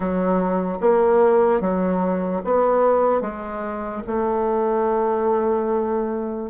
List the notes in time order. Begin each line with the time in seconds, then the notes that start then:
0.00 F#3
0.80 A#3
1.60 F#3
2.44 B3
3.21 G#3
4.07 A3